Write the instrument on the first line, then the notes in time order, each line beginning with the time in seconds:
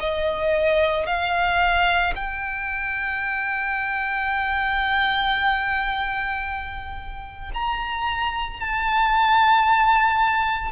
violin
0.00 D#5
1.06 F5
2.16 G5
7.54 A#5
8.61 A5